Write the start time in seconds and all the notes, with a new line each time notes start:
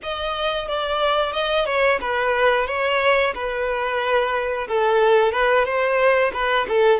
0.02 D#5
0.68 D5
1.32 D#5
1.65 C#5
2.00 B4
2.67 C#5
3.34 B4
4.68 A4
5.32 B4
5.65 C5
6.33 B4
6.68 A4